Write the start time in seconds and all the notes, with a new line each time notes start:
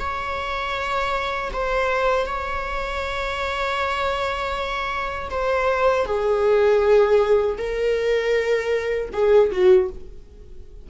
0.00 C#5
1.53 C5
2.26 C#5
5.30 C5
6.06 G#4
7.58 A#4
9.13 G#4
9.52 F#4